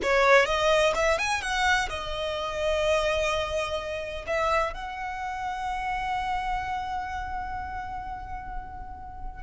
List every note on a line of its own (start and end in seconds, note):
0.02 0.45 C#5
0.45 0.93 D#5
0.94 1.18 E5
1.18 1.41 G#5
1.41 1.88 F#5
1.89 4.25 D#5
4.26 4.73 E5
4.73 9.43 F#5